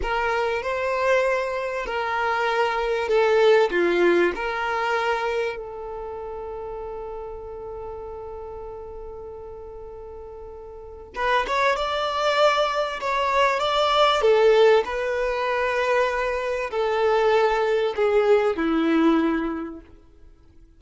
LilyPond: \new Staff \with { instrumentName = "violin" } { \time 4/4 \tempo 4 = 97 ais'4 c''2 ais'4~ | ais'4 a'4 f'4 ais'4~ | ais'4 a'2.~ | a'1~ |
a'2 b'8 cis''8 d''4~ | d''4 cis''4 d''4 a'4 | b'2. a'4~ | a'4 gis'4 e'2 | }